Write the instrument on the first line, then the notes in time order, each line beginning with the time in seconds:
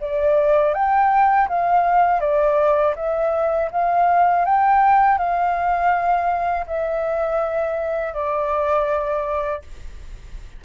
flute
0.00 D5
0.74 G5
1.48 F5
2.20 D5
2.96 E5
3.71 F5
4.45 G5
5.18 F5
6.67 E5
8.13 D5